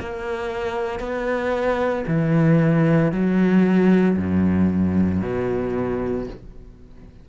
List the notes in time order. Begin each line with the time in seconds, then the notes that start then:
0.00 A#3
1.00 B3
2.07 E3
3.12 F#3
4.18 F#2
5.22 B2